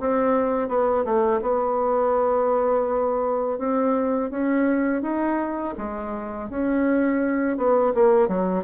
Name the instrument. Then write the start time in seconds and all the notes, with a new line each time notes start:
bassoon
0.00 C4
0.68 B3
1.05 A3
1.42 B3
3.58 C4
4.30 C#4
5.02 D#4
5.77 G#3
6.50 C#4
7.57 B3
7.95 A#3
8.28 F#3